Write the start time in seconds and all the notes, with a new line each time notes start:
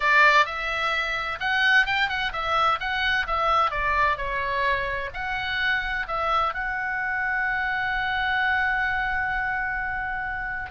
0.00 D5
0.45 E5
1.40 F#5
1.86 G5
2.08 F#5
2.32 E5
2.80 F#5
3.27 E5
3.70 D5
4.17 C#5
5.13 F#5
6.07 E5
6.54 F#5